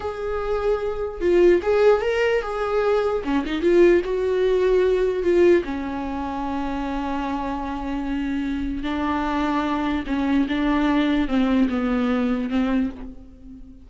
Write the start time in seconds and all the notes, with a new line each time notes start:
0.00 G#4
1.21 F4
1.62 G#4
2.01 A#4
2.41 G#4
3.24 C#4
3.45 D#4
3.61 F4
4.04 F#4
5.23 F4
5.64 C#4
8.83 D4
10.06 C#4
10.48 D4
11.28 C4
11.69 B3
12.49 C4